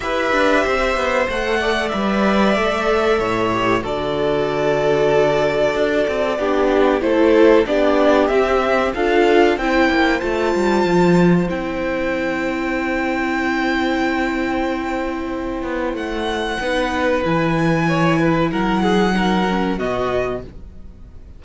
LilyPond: <<
  \new Staff \with { instrumentName = "violin" } { \time 4/4 \tempo 4 = 94 e''2 fis''4 e''4~ | e''2 d''2~ | d''2. c''4 | d''4 e''4 f''4 g''4 |
a''2 g''2~ | g''1~ | g''4 fis''2 gis''4~ | gis''4 fis''2 dis''4 | }
  \new Staff \with { instrumentName = "violin" } { \time 4/4 b'4 c''4. d''4.~ | d''4 cis''4 a'2~ | a'2 g'4 a'4 | g'2 a'4 c''4~ |
c''1~ | c''1~ | c''2 b'2 | cis''8 b'8 ais'8 gis'8 ais'4 fis'4 | }
  \new Staff \with { instrumentName = "viola" } { \time 4/4 g'2 a'4 b'4 | a'4. g'8 fis'2~ | fis'2 d'4 e'4 | d'4 c'4 f'4 e'4 |
f'2 e'2~ | e'1~ | e'2 dis'4 e'4~ | e'2 dis'8 cis'8 b4 | }
  \new Staff \with { instrumentName = "cello" } { \time 4/4 e'8 d'8 c'8 b8 a4 g4 | a4 a,4 d2~ | d4 d'8 c'8 b4 a4 | b4 c'4 d'4 c'8 ais8 |
a8 g8 f4 c'2~ | c'1~ | c'8 b8 a4 b4 e4~ | e4 fis2 b,4 | }
>>